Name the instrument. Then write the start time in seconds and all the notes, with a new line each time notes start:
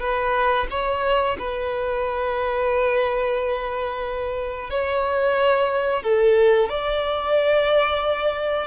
violin
0.00 B4
0.71 C#5
1.39 B4
4.70 C#5
6.03 A4
6.69 D5